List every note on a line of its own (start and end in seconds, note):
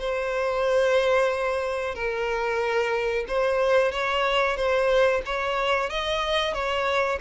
0.00 1.95 C5
1.95 3.26 A#4
3.28 3.92 C5
3.92 4.57 C#5
4.57 5.22 C5
5.26 5.90 C#5
5.90 6.54 D#5
6.54 7.19 C#5